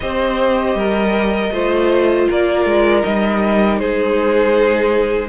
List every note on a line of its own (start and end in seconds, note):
0.00 0.74 C4
0.00 1.53 G4
0.00 0.77 C5
0.00 2.28 D#5
0.74 1.50 G3
0.74 1.52 A#4
1.51 2.27 A3
1.51 3.03 F4
1.51 2.28 C5
2.28 2.65 A#3
2.28 3.80 A#4
2.28 3.04 D5
2.65 3.03 G#3
3.03 3.80 G3
3.03 5.28 D#4
3.03 3.78 D#5
3.78 5.28 G#3
3.78 5.28 G#4
3.78 5.28 C5